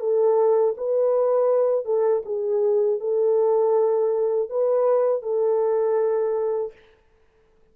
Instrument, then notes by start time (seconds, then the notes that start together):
horn
0.00 A4
0.78 B4
1.85 A4
2.25 G#4
3.00 A4
4.50 B4
5.23 A4